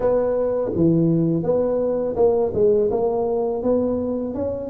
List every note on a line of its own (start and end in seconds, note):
0.00 0.71 B3
0.75 1.43 E3
1.43 2.15 B3
2.16 2.52 A#3
2.53 2.89 G#3
2.90 3.62 A#3
3.62 4.34 B3
4.34 4.70 C#4